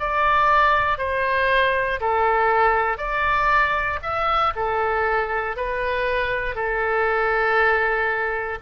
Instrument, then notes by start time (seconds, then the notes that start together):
oboe
0.00 D5
0.98 C5
2.01 A4
2.98 D5
4.03 E5
4.56 A4
5.57 B4
6.55 A4